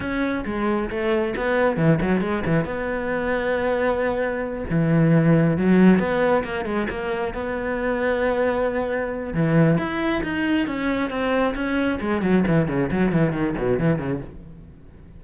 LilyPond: \new Staff \with { instrumentName = "cello" } { \time 4/4 \tempo 4 = 135 cis'4 gis4 a4 b4 | e8 fis8 gis8 e8 b2~ | b2~ b8 e4.~ | e8 fis4 b4 ais8 gis8 ais8~ |
ais8 b2.~ b8~ | b4 e4 e'4 dis'4 | cis'4 c'4 cis'4 gis8 fis8 | e8 cis8 fis8 e8 dis8 b,8 e8 cis8 | }